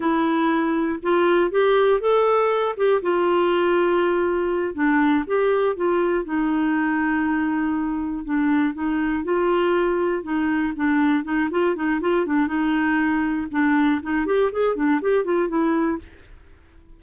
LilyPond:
\new Staff \with { instrumentName = "clarinet" } { \time 4/4 \tempo 4 = 120 e'2 f'4 g'4 | a'4. g'8 f'2~ | f'4. d'4 g'4 f'8~ | f'8 dis'2.~ dis'8~ |
dis'8 d'4 dis'4 f'4.~ | f'8 dis'4 d'4 dis'8 f'8 dis'8 | f'8 d'8 dis'2 d'4 | dis'8 g'8 gis'8 d'8 g'8 f'8 e'4 | }